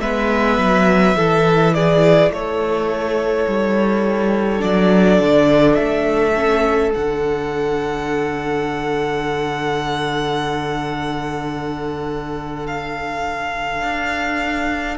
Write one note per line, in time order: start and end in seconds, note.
0.00 0.57 G#3
0.00 1.15 B3
0.00 1.16 B4
0.00 1.73 E5
0.57 1.15 F#3
1.15 2.30 E3
1.15 4.58 E4
1.15 1.74 A4
1.74 2.32 G#4
1.74 2.31 D5
2.30 3.45 A3
2.30 14.97 A4
2.30 4.61 C#5
3.47 4.62 G3
4.58 5.19 F#3
4.58 6.31 D4
4.58 5.74 D5
5.19 5.77 D3
5.74 6.94 A3
5.74 6.90 E5
6.35 6.92 C#4
6.92 13.82 D3
6.92 14.97 D4
6.92 12.66 F#5
12.66 14.97 F5
13.82 14.97 D4